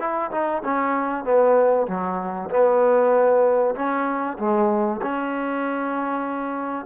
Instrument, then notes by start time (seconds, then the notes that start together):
trombone
0.00 E4
0.32 D#4
0.64 C#4
1.25 B3
1.88 F#3
2.50 B3
3.76 C#4
4.39 G#3
5.02 C#4